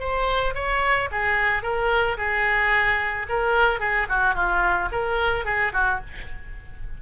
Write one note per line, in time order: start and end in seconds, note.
0.00 0.55 C5
0.55 1.09 C#5
1.12 1.63 G#4
1.63 2.17 A#4
2.18 3.27 G#4
3.30 3.80 A#4
3.80 4.07 G#4
4.09 4.35 F#4
4.35 4.89 F4
4.92 5.45 A#4
5.45 5.73 G#4
5.73 6.00 F#4